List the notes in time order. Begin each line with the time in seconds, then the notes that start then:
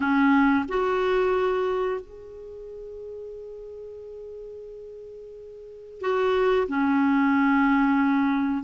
0.00 C#4
0.68 F#4
2.00 G#4
6.00 F#4
6.68 C#4